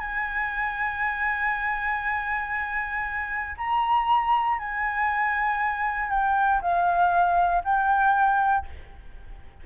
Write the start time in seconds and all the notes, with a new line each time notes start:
0.00 G#5
3.58 A#5
4.59 G#5
6.10 G5
6.61 F5
7.64 G5